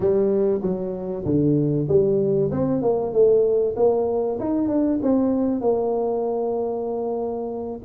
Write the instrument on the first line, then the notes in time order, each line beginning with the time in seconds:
tuba
0.00 G3
0.61 F#3
1.25 D3
1.88 G3
2.51 C4
2.82 A#3
3.12 A3
3.76 A#3
4.39 D#4
4.68 D4
5.02 C4
5.61 A#3